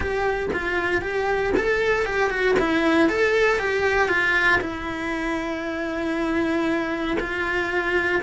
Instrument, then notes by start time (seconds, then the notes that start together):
cello
0.00 G4
0.53 F4
1.01 G4
1.56 A4
2.05 G4
2.30 F#4
2.59 E4
3.09 A4
3.59 G4
4.08 F4
4.60 E4
7.19 F4